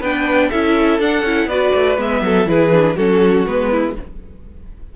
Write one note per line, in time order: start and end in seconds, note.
0.00 0.50 B3
0.00 0.52 D4
0.00 0.49 B4
0.00 0.50 G5
0.50 0.99 C#4
0.50 1.00 E4
0.50 1.48 A4
0.50 0.99 E5
0.99 1.22 D4
0.99 1.25 D4
0.99 1.48 F#5
1.22 1.46 C#4
1.22 1.50 E4
1.46 1.70 B3
1.46 1.97 F#4
1.46 2.23 B4
1.46 1.98 D5
1.74 1.98 A3
1.97 2.22 G#3
1.97 2.46 B3
1.97 2.48 E5
2.22 2.47 F#3
2.22 2.50 A4
2.46 2.96 E3
2.46 2.71 E4
2.46 2.96 G#4
2.46 2.97 B4
2.72 2.97 D4
2.96 3.46 F#3
2.96 3.47 C#4
2.96 3.70 F#4
2.96 3.46 A4
3.46 3.96 G#3
3.46 3.96 B3
3.46 3.95 B4
3.71 3.96 E4